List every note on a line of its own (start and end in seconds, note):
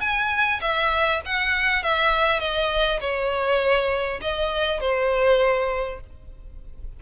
0.00 0.60 G#5
0.61 1.21 E5
1.25 1.83 F#5
1.83 2.39 E5
2.39 2.99 D#5
3.00 4.20 C#5
4.21 4.80 D#5
4.80 6.00 C5